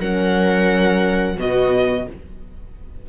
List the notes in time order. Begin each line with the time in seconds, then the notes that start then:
0.00 F#3 C#4 A#4 F#5
1.37 B2 B3 F#4 D#5